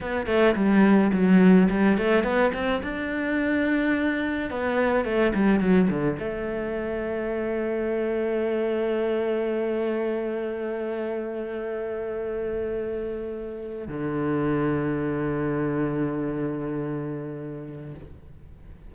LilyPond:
\new Staff \with { instrumentName = "cello" } { \time 4/4 \tempo 4 = 107 b8 a8 g4 fis4 g8 a8 | b8 c'8 d'2. | b4 a8 g8 fis8 d8 a4~ | a1~ |
a1~ | a1~ | a8. d2.~ d16~ | d1 | }